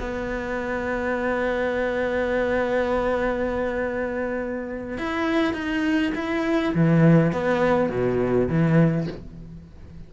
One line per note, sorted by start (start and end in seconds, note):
0.00 4.98 B3
4.98 5.54 E4
5.54 6.13 D#4
6.15 6.74 E4
6.75 7.33 E3
7.33 7.90 B3
7.90 8.48 B2
8.48 9.07 E3